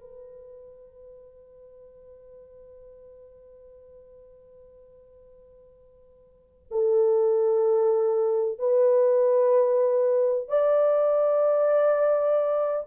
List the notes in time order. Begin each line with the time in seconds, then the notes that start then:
0.00 B4
6.71 A4
8.59 B4
10.48 D5